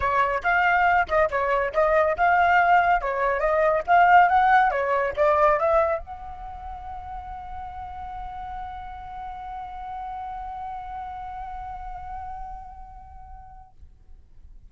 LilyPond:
\new Staff \with { instrumentName = "flute" } { \time 4/4 \tempo 4 = 140 cis''4 f''4. dis''8 cis''4 | dis''4 f''2 cis''4 | dis''4 f''4 fis''4 cis''4 | d''4 e''4 fis''2~ |
fis''1~ | fis''1~ | fis''1~ | fis''1 | }